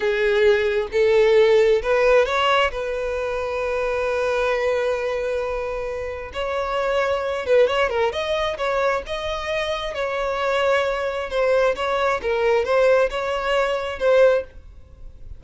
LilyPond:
\new Staff \with { instrumentName = "violin" } { \time 4/4 \tempo 4 = 133 gis'2 a'2 | b'4 cis''4 b'2~ | b'1~ | b'2 cis''2~ |
cis''8 b'8 cis''8 ais'8 dis''4 cis''4 | dis''2 cis''2~ | cis''4 c''4 cis''4 ais'4 | c''4 cis''2 c''4 | }